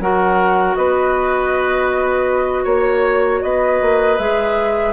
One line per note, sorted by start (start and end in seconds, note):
0.00 0.76 F#3
0.00 4.19 F#4
0.00 0.78 A#4
0.00 0.75 F#5
0.75 2.66 B3
0.75 2.64 B4
0.75 2.65 D#5
2.64 3.41 A#3
2.64 3.40 C#5
2.64 3.43 C#5
3.43 3.81 B3
3.43 4.93 B4
3.43 4.19 D#5
3.82 4.19 A#3
4.19 4.93 G#3
4.19 4.93 G#4
4.19 4.93 E5